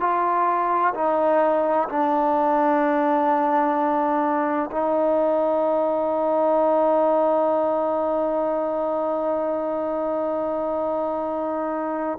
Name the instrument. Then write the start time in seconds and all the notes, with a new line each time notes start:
trombone
0.00 F4
0.95 D#4
1.89 D4
4.71 D#4